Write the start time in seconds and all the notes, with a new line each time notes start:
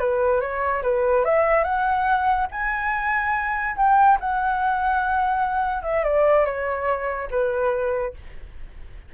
0.00 B4
0.41 C#5
0.83 B4
1.25 E5
1.64 F#5
2.52 G#5
3.77 G5
4.21 F#5
5.83 E5
6.04 D5
6.46 C#5
7.31 B4